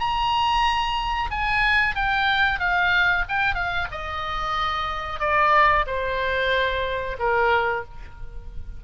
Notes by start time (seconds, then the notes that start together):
0.00 A#5
1.31 G#5
1.96 G5
2.60 F5
3.29 G5
3.55 F5
3.92 D#5
5.20 D5
5.87 C5
7.19 A#4